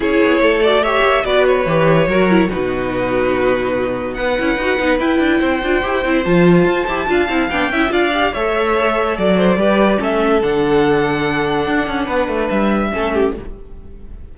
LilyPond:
<<
  \new Staff \with { instrumentName = "violin" } { \time 4/4 \tempo 4 = 144 cis''4. d''8 e''4 d''8 cis''8~ | cis''2 b'2~ | b'2 fis''2 | g''2. a''4~ |
a''2 g''4 f''4 | e''2 d''2 | e''4 fis''2.~ | fis''2 e''2 | }
  \new Staff \with { instrumentName = "violin" } { \time 4/4 gis'4 a'4 cis''4 b'4~ | b'4 ais'4 fis'2~ | fis'2 b'2~ | b'4 c''2.~ |
c''4 f''4. e''8 d''4 | cis''2 d''8 c''8 b'4 | a'1~ | a'4 b'2 a'8 g'8 | }
  \new Staff \with { instrumentName = "viola" } { \time 4/4 e'4. fis'8 g'4 fis'4 | g'4 fis'8 e'8 dis'2~ | dis'2~ dis'8 e'8 fis'8 dis'8 | e'4. f'8 g'8 e'8 f'4~ |
f'8 g'8 f'8 e'8 d'8 e'8 f'8 g'8 | a'2. g'4 | cis'4 d'2.~ | d'2. cis'4 | }
  \new Staff \with { instrumentName = "cello" } { \time 4/4 cis'8 b8 a4. ais8 b4 | e4 fis4 b,2~ | b,2 b8 cis'8 dis'8 b8 | e'8 d'8 c'8 d'8 e'8 c'8 f4 |
f'8 e'8 d'8 c'8 b8 cis'8 d'4 | a2 fis4 g4 | a4 d2. | d'8 cis'8 b8 a8 g4 a4 | }
>>